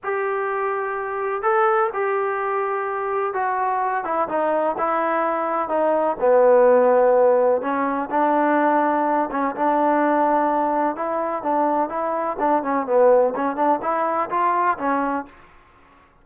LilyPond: \new Staff \with { instrumentName = "trombone" } { \time 4/4 \tempo 4 = 126 g'2. a'4 | g'2. fis'4~ | fis'8 e'8 dis'4 e'2 | dis'4 b2. |
cis'4 d'2~ d'8 cis'8 | d'2. e'4 | d'4 e'4 d'8 cis'8 b4 | cis'8 d'8 e'4 f'4 cis'4 | }